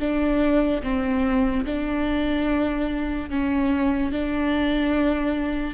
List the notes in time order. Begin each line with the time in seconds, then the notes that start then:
0.00 D4
0.83 C4
1.66 D4
3.30 C#4
4.12 D4